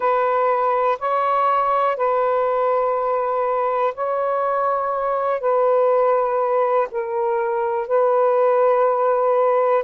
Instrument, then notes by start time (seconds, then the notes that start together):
saxophone
0.00 B4
0.99 C#5
1.96 B4
3.94 C#5
5.40 B4
6.91 A#4
7.87 B4